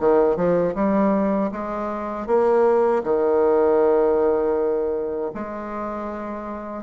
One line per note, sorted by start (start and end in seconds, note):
0.00 0.37 D#3
0.37 0.75 F3
0.75 1.51 G3
1.52 2.27 G#3
2.27 3.03 A#3
3.04 5.32 D#3
5.35 6.83 G#3